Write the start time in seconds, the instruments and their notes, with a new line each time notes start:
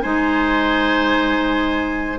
0.00 bassoon G#3, clarinet D#4, oboe C5, flute G#5